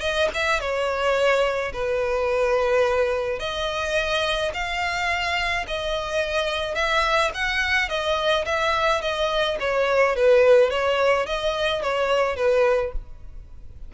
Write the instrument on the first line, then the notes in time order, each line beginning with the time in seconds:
violin
0.00 D#5
0.34 E5
0.60 C#5
1.73 B4
3.39 D#5
4.54 F5
5.67 D#5
6.75 E5
7.34 F#5
7.89 D#5
8.45 E5
9.01 D#5
9.60 C#5
10.16 B4
10.70 C#5
11.26 D#5
11.82 C#5
12.36 B4